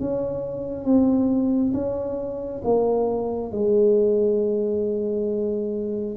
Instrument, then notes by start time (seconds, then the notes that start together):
tuba
0.00 C#4
0.84 C4
1.73 C#4
2.64 A#3
3.51 G#3